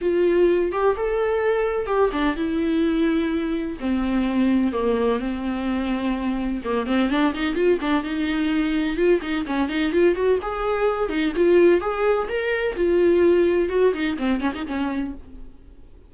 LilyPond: \new Staff \with { instrumentName = "viola" } { \time 4/4 \tempo 4 = 127 f'4. g'8 a'2 | g'8 d'8 e'2. | c'2 ais4 c'4~ | c'2 ais8 c'8 d'8 dis'8 |
f'8 d'8 dis'2 f'8 dis'8 | cis'8 dis'8 f'8 fis'8 gis'4. dis'8 | f'4 gis'4 ais'4 f'4~ | f'4 fis'8 dis'8 c'8 cis'16 dis'16 cis'4 | }